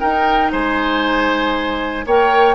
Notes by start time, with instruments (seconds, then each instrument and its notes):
0.00 clarinet D#4, bassoon D#4, oboe A#4, flute G5
0.52 bassoon G#3, oboe C5, flute G#5
2.06 bassoon A#3, clarinet A#4, oboe C#5, flute G5